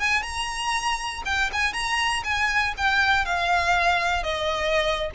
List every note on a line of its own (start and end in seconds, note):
0.00 0.22 G#5
0.22 1.22 A#5
1.25 1.50 G5
1.53 1.73 G#5
1.73 2.23 A#5
2.24 2.74 G#5
2.77 3.25 G5
3.25 4.23 F5
4.23 5.11 D#5